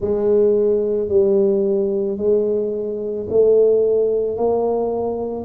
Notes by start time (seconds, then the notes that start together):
0.00 G#3
1.08 G3
2.17 G#3
3.29 A3
4.36 A#3